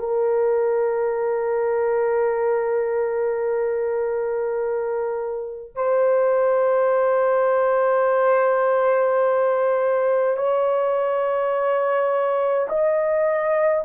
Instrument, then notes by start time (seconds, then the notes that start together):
horn
0.00 A#4
5.76 C5
10.37 C#5
12.69 D#5